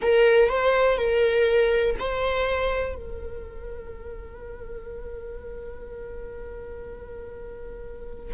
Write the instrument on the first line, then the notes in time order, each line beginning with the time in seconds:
viola
0.02 A#4
0.49 C5
0.97 A#4
1.99 C5
2.95 A#4